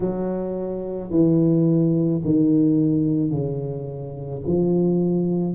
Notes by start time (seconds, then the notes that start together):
0.00 F#3
1.10 E3
2.24 D#3
3.30 C#3
4.46 F3